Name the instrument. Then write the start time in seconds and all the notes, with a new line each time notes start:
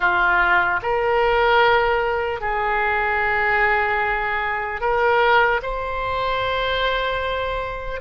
oboe
0.00 F4
0.82 A#4
2.40 G#4
4.80 A#4
5.62 C5